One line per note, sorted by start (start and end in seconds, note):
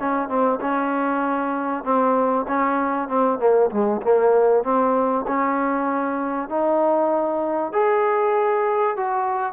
0.00 0.29 C#4
0.29 0.60 C4
0.61 1.84 C#4
1.84 2.46 C4
2.48 3.08 C#4
3.08 3.39 C4
3.39 3.70 A#3
3.71 4.02 G#3
4.02 4.64 A#3
4.64 5.25 C4
5.27 6.49 C#4
6.49 7.73 D#4
7.73 8.97 G#4
8.97 9.53 F#4